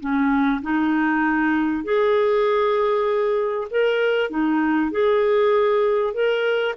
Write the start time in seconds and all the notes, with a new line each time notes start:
0.00 C#4
0.62 D#4
1.84 G#4
3.70 A#4
4.30 D#4
4.91 G#4
6.13 A#4